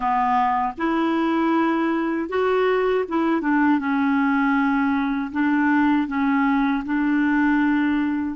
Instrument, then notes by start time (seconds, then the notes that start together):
clarinet
0.00 B3
0.77 E4
2.29 F#4
3.08 E4
3.41 D4
3.79 C#4
5.32 D4
6.07 C#4
6.85 D4